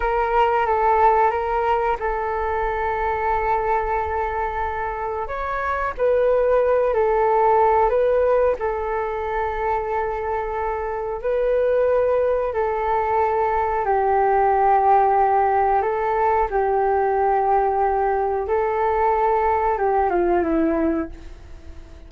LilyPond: \new Staff \with { instrumentName = "flute" } { \time 4/4 \tempo 4 = 91 ais'4 a'4 ais'4 a'4~ | a'1 | cis''4 b'4. a'4. | b'4 a'2.~ |
a'4 b'2 a'4~ | a'4 g'2. | a'4 g'2. | a'2 g'8 f'8 e'4 | }